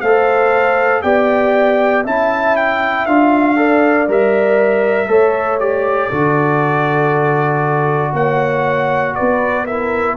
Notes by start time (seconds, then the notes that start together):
0.00 A3 A4 C5 F5
1.02 B3 G4 D5 G5
2.04 C#4 E4 E5 A5
2.56 G5
3.06 D4 F4 F5
3.56 A4 D5
4.08 G3 A#4 E5
5.07 A3 A4 C#5
5.59 G4 D5
6.09 D3 F#4 A4
8.13 A#3 C#5 F#5
9.15 B3 B4 D5
9.64 E4 A#4 E5